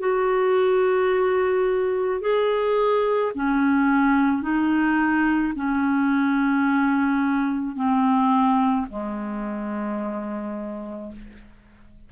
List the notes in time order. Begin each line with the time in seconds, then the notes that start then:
0.00 F#4
2.21 G#4
3.35 C#4
4.42 D#4
5.56 C#4
7.76 C4
8.90 G#3